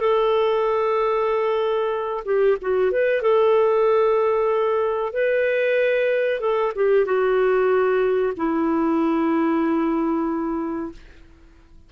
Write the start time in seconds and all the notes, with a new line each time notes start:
0.00 A4
2.25 G4
2.61 F#4
2.91 B4
3.22 A4
5.13 B4
6.40 A4
6.75 G4
7.05 F#4
8.36 E4